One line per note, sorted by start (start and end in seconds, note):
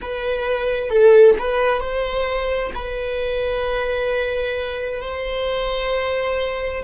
0.01 0.90 B4
0.90 1.35 A4
1.38 1.80 B4
1.80 2.71 C5
2.74 5.01 B4
5.01 6.83 C5